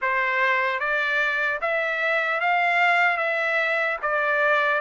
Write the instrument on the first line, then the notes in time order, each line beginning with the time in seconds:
trumpet
0.01 C5
0.79 D5
1.61 E5
2.40 F5
3.17 E5
4.02 D5